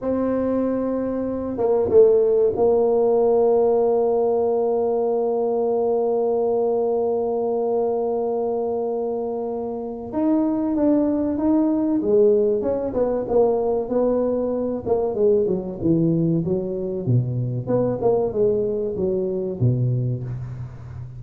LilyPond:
\new Staff \with { instrumentName = "tuba" } { \time 4/4 \tempo 4 = 95 c'2~ c'8 ais8 a4 | ais1~ | ais1~ | ais1 |
dis'4 d'4 dis'4 gis4 | cis'8 b8 ais4 b4. ais8 | gis8 fis8 e4 fis4 b,4 | b8 ais8 gis4 fis4 b,4 | }